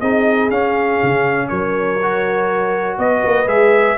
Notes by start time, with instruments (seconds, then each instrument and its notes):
0.00 tuba C4, trombone D#4, horn G#4, trumpet D#5
0.51 tuba C#4, trombone C#4, trumpet F5
1.04 tuba C#3
1.49 tuba F#3, horn A#4, trumpet C#5
2.03 trombone F#4
2.99 tuba B3, horn B4, trumpet D#5
3.25 tuba A#3
3.47 tuba G#3, trombone G#4, trumpet E5